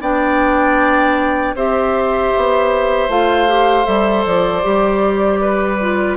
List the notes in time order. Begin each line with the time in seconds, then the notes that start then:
0.00 B3 D4 D5 G5
1.54 C4 G4 C5 E5
2.36 B3
3.08 A3 F4 F5
3.47 G4
3.84 G3 A4 E5
4.25 F3 D5
4.62 G3 G4
5.41 B4
5.80 F4